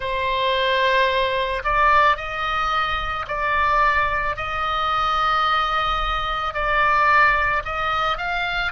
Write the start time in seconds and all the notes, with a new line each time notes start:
0.00 C5
1.64 D5
2.17 D#5
3.27 D5
4.36 D#5
6.54 D5
7.64 D#5
8.17 F5